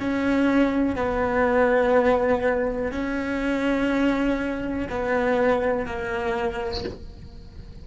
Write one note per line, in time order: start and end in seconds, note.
0.00 0.96 C#4
0.96 2.92 B3
2.92 4.88 C#4
4.90 5.86 B3
5.86 6.85 A#3